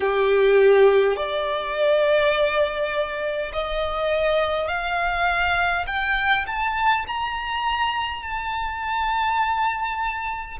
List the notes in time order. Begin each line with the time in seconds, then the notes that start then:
0.00 G4
1.16 D5
3.52 D#5
4.67 F5
5.86 G5
6.47 A5
7.07 A#5
8.22 A5